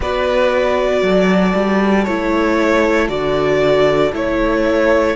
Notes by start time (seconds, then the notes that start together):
0.00 B3 F#4 B4 D5
1.02 F#3 A4
1.54 G3
2.04 A3 E4 C#5
3.08 D3 F#4 D5
4.12 A3 E4 C#5